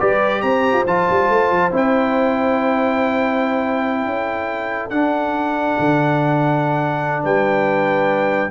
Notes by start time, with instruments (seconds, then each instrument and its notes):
0.00 tuba G3, trombone G4, horn B4, trumpet D5
0.42 tuba C4, horn C5, trumpet A#5
0.74 tuba F4
0.87 tuba F3, trombone F4, trumpet A5
1.10 tuba G3
1.29 tuba A3
1.50 tuba F3
1.72 tuba C4, trombone E4, trumpet G5
4.06 tuba C#4, horn A4
4.90 tuba D4, trombone D4, trumpet F#5
5.80 tuba D3
7.24 tuba G3, horn B4, trumpet G5